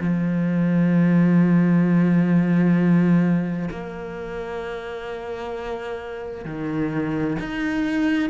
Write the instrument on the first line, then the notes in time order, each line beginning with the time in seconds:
cello
0.00 F3
3.71 A#3
6.45 D#3
7.40 D#4